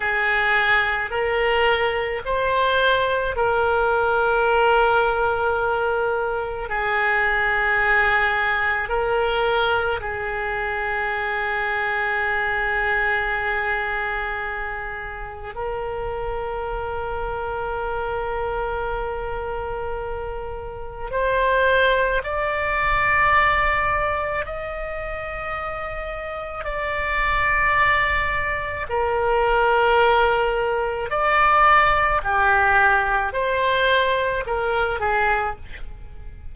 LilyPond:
\new Staff \with { instrumentName = "oboe" } { \time 4/4 \tempo 4 = 54 gis'4 ais'4 c''4 ais'4~ | ais'2 gis'2 | ais'4 gis'2.~ | gis'2 ais'2~ |
ais'2. c''4 | d''2 dis''2 | d''2 ais'2 | d''4 g'4 c''4 ais'8 gis'8 | }